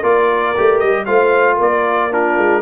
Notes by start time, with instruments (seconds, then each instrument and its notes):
0.00 tuba A#3, trombone F4, horn A#4, trumpet D5
0.57 tuba A3, trombone G4
0.79 tuba G3, trumpet D#5
1.06 tuba A3, trombone F4, horn C5, trumpet F5
1.56 tuba A#3, horn A#4, trumpet D5
2.11 trombone D4, horn F4, trumpet A#4
2.38 tuba G#3